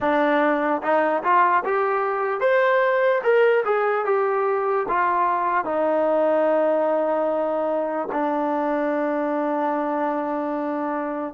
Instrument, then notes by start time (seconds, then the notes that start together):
trombone
0.00 D4
0.82 D#4
1.23 F4
1.64 G4
2.40 C5
3.23 A#4
3.65 G#4
4.05 G4
4.88 F4
5.64 D#4
8.12 D4